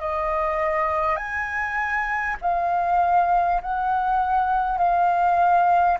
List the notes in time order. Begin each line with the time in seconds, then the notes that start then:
0.00 D#5
1.16 G#5
2.42 F5
3.62 F#5
4.78 F5